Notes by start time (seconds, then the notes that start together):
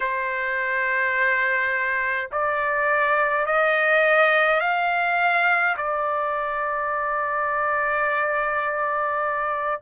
0.00 C5
2.31 D5
3.46 D#5
4.60 F5
5.76 D5